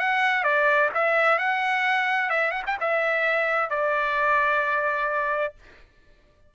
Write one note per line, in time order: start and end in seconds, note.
0.00 0.44 F#5
0.44 0.90 D5
0.95 1.39 E5
1.39 2.30 F#5
2.30 2.52 E5
2.52 2.63 F#5
2.66 2.78 G5
2.81 3.70 E5
3.70 5.55 D5